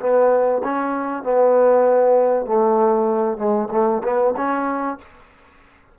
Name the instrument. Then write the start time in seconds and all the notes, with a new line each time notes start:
trombone
0.00 B3
0.64 C#4
1.23 B3
2.46 A3
3.38 G#3
3.71 A3
4.03 B3
4.37 C#4